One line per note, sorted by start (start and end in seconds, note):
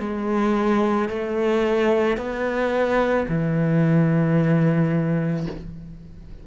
0.00 1.09 G#3
1.09 2.17 A3
2.17 3.26 B3
3.28 5.46 E3